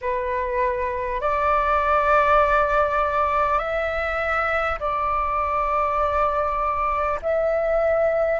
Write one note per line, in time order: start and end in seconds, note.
0.01 1.20 B4
1.20 3.58 D5
3.58 4.78 E5
4.79 7.19 D5
7.22 8.39 E5